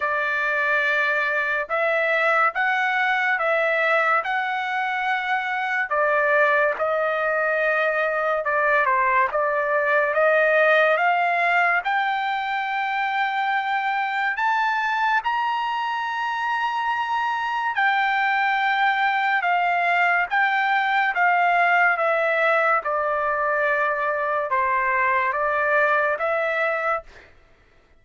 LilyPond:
\new Staff \with { instrumentName = "trumpet" } { \time 4/4 \tempo 4 = 71 d''2 e''4 fis''4 | e''4 fis''2 d''4 | dis''2 d''8 c''8 d''4 | dis''4 f''4 g''2~ |
g''4 a''4 ais''2~ | ais''4 g''2 f''4 | g''4 f''4 e''4 d''4~ | d''4 c''4 d''4 e''4 | }